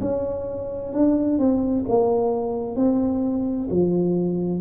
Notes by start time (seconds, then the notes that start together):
0.00 C#4
0.92 D4
1.38 C4
1.88 A#3
2.76 C4
3.70 F3